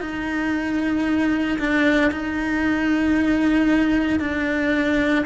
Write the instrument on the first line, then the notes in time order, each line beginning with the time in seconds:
cello
0.00 D#4
1.58 D4
2.11 D#4
4.19 D4